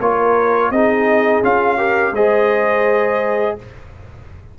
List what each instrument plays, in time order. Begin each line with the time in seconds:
0.00 tuba A#3, trombone F4, horn A#4, trumpet C#5
0.71 tuba C4, trombone D#4, horn G#4, trumpet D#5
1.43 tuba C#4, trombone F4, trumpet F5
1.78 trombone G4, horn A#4
2.12 tuba G#3, trombone G#4, horn C5, trumpet D#5